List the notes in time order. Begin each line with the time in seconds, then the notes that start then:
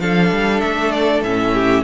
0.00 F3 D4 A4 F5
0.32 G3
0.61 A3 E5
0.91 D5
1.22 A2 C#4 E5
1.54 G4